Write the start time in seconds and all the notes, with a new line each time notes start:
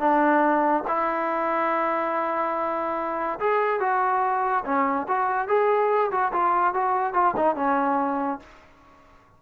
0.00 D4
0.88 E4
3.40 G#4
3.80 F#4
4.65 C#4
5.08 F#4
5.48 G#4
6.11 F#4
6.32 F4
6.74 F#4
7.14 F4
7.36 D#4
7.56 C#4